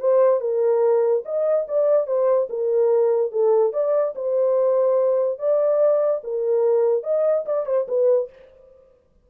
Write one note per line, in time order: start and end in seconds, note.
0.00 0.40 C5
0.40 1.23 A#4
1.25 1.66 D#5
1.68 2.07 D5
2.07 2.48 C5
2.50 3.31 A#4
3.31 3.73 A4
3.73 4.14 D5
4.15 5.39 C5
5.39 6.21 D5
6.24 7.03 A#4
7.03 7.45 D#5
7.46 7.66 D5
7.66 7.87 C5
7.88 8.29 B4